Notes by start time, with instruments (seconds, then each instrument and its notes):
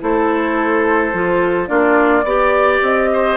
0.00 bassoon A3, clarinet E4, oboe A4, flute C5
1.13 bassoon F3, clarinet F4
1.67 bassoon A#3, clarinet D4, oboe F4, flute D5
2.23 bassoon B3, clarinet G4, oboe D5
2.82 bassoon C4, flute D#5
3.13 oboe C5